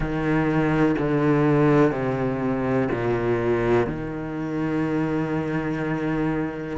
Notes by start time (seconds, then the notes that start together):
0.00 D#3
0.98 D3
1.91 C3
2.91 A#2
3.87 D#3